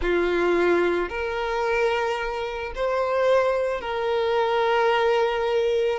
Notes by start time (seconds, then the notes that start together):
0.01 F4
1.09 A#4
2.75 C5
3.81 A#4